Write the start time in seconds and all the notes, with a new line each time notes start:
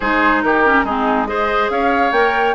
0.00 G#3 D#4 G#4 C5
0.42 D#3 G4 A#4
0.65 C#4
0.83 G#3 C4 D#4 G#4
1.27 G#4 C5 D#5
1.69 C#4 C#5 F5
2.11 A#3 A#4 G5